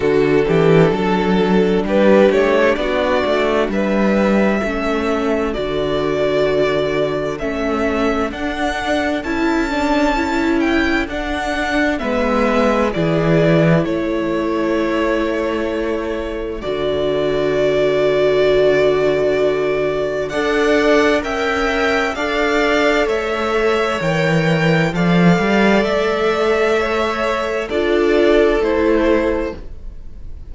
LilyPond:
<<
  \new Staff \with { instrumentName = "violin" } { \time 4/4 \tempo 4 = 65 a'2 b'8 cis''8 d''4 | e''2 d''2 | e''4 fis''4 a''4. g''8 | fis''4 e''4 d''4 cis''4~ |
cis''2 d''2~ | d''2 fis''4 g''4 | f''4 e''4 g''4 f''4 | e''2 d''4 c''4 | }
  \new Staff \with { instrumentName = "violin" } { \time 4/4 fis'8 g'8 a'4 g'4 fis'4 | b'4 a'2.~ | a'1~ | a'4 b'4 gis'4 a'4~ |
a'1~ | a'2 d''4 e''4 | d''4 cis''2 d''4~ | d''4 cis''4 a'2 | }
  \new Staff \with { instrumentName = "viola" } { \time 4/4 d'1~ | d'4 cis'4 fis'2 | cis'4 d'4 e'8 d'8 e'4 | d'4 b4 e'2~ |
e'2 fis'2~ | fis'2 a'4 ais'4 | a'2 ais'4 a'4~ | a'2 f'4 e'4 | }
  \new Staff \with { instrumentName = "cello" } { \time 4/4 d8 e8 fis4 g8 a8 b8 a8 | g4 a4 d2 | a4 d'4 cis'2 | d'4 gis4 e4 a4~ |
a2 d2~ | d2 d'4 cis'4 | d'4 a4 e4 f8 g8 | a2 d'4 a4 | }
>>